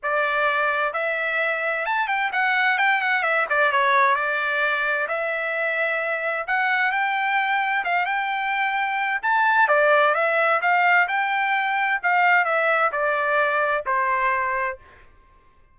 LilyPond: \new Staff \with { instrumentName = "trumpet" } { \time 4/4 \tempo 4 = 130 d''2 e''2 | a''8 g''8 fis''4 g''8 fis''8 e''8 d''8 | cis''4 d''2 e''4~ | e''2 fis''4 g''4~ |
g''4 f''8 g''2~ g''8 | a''4 d''4 e''4 f''4 | g''2 f''4 e''4 | d''2 c''2 | }